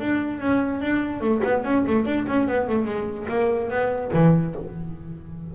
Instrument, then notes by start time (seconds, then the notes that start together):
double bass
0.00 D4
0.40 C#4
0.81 D4
1.21 A3
1.44 B3
1.64 C#4
1.87 A3
2.06 D4
2.28 C#4
2.48 B3
2.68 A3
2.85 G#3
3.29 A#3
3.70 B3
4.14 E3